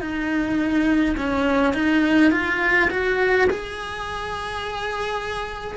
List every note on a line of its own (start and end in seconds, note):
0.00 1.15 D#4
1.17 1.74 C#4
1.74 2.31 D#4
2.31 2.89 F4
2.90 3.48 F#4
3.50 5.77 G#4